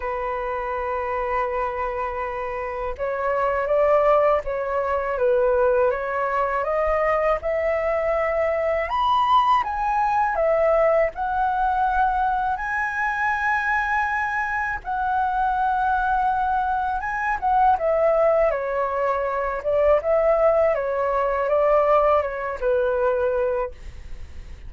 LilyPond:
\new Staff \with { instrumentName = "flute" } { \time 4/4 \tempo 4 = 81 b'1 | cis''4 d''4 cis''4 b'4 | cis''4 dis''4 e''2 | b''4 gis''4 e''4 fis''4~ |
fis''4 gis''2. | fis''2. gis''8 fis''8 | e''4 cis''4. d''8 e''4 | cis''4 d''4 cis''8 b'4. | }